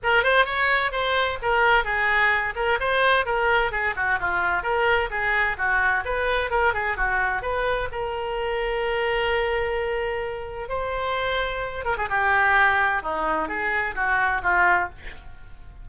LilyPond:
\new Staff \with { instrumentName = "oboe" } { \time 4/4 \tempo 4 = 129 ais'8 c''8 cis''4 c''4 ais'4 | gis'4. ais'8 c''4 ais'4 | gis'8 fis'8 f'4 ais'4 gis'4 | fis'4 b'4 ais'8 gis'8 fis'4 |
b'4 ais'2.~ | ais'2. c''4~ | c''4. ais'16 gis'16 g'2 | dis'4 gis'4 fis'4 f'4 | }